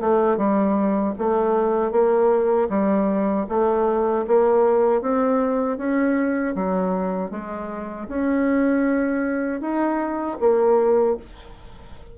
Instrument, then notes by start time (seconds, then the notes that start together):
bassoon
0.00 A3
0.37 G3
1.18 A3
1.91 A#3
2.69 G3
3.49 A3
4.27 A#3
5.01 C4
5.78 C#4
6.55 F#3
7.31 G#3
8.08 C#4
9.60 D#4
10.40 A#3